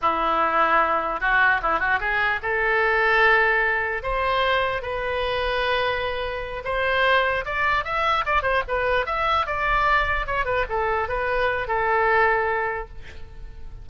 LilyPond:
\new Staff \with { instrumentName = "oboe" } { \time 4/4 \tempo 4 = 149 e'2. fis'4 | e'8 fis'8 gis'4 a'2~ | a'2 c''2 | b'1~ |
b'8 c''2 d''4 e''8~ | e''8 d''8 c''8 b'4 e''4 d''8~ | d''4. cis''8 b'8 a'4 b'8~ | b'4 a'2. | }